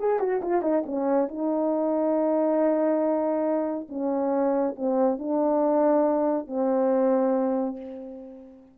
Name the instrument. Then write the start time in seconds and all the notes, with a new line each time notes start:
horn
0.00 G#4
0.20 F#4
0.42 F4
0.62 D#4
0.86 C#4
1.29 D#4
3.90 C#4
4.76 C4
5.19 D4
6.48 C4